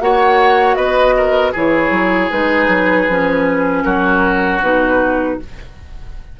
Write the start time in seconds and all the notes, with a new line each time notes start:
0.00 A#3 F#4 C#5 F#5
0.75 B3 B4 D#5
1.17 A#4
1.52 E3 E4 G#4 C#5
1.90 F#3
2.30 G#3 D#4 B4
2.67 F#3
3.08 F3 C#4
3.83 F#3 F#4 A#4
4.61 B2 D#4 B4